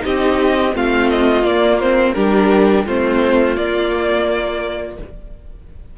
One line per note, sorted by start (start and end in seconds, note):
0.00 0.76 C4
0.00 0.71 D#4
0.00 0.76 G4
0.00 0.75 D#5
0.74 1.44 A3
0.74 1.45 C4
0.74 2.15 F4
0.74 1.10 F5
1.10 1.45 D#5
1.44 2.14 A#3
1.44 1.80 A#3
1.44 1.80 D5
1.80 2.16 C4
1.80 2.14 C5
2.14 2.87 G3
2.14 2.87 D4
2.14 2.85 G4
2.14 2.85 A#4
2.85 3.57 A3
2.85 3.56 C4
2.85 4.97 F4
2.85 3.57 C5
3.56 4.98 A#3
3.56 4.99 A#3
3.56 4.98 D5